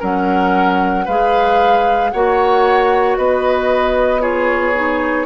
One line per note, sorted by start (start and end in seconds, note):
0.00 1.07 F#3
0.00 1.06 C#4
0.00 1.05 A#4
0.00 1.07 F#5
1.05 2.13 G#3
1.05 2.14 G#4
1.05 2.11 B4
1.05 2.11 F5
2.11 3.18 A#3
2.11 4.20 F#4
2.11 3.18 C#5
2.11 3.16 F#5
3.16 5.26 B3
3.16 4.21 B4
3.16 4.22 D#5
4.20 4.73 F4
4.20 5.26 G#4
4.20 5.26 C#5
4.75 5.26 D#4